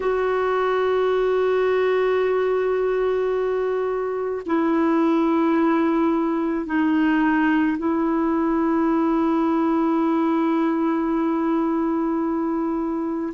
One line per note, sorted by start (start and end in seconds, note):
0.00 4.42 F#4
4.45 6.66 E4
6.66 7.77 D#4
7.78 13.33 E4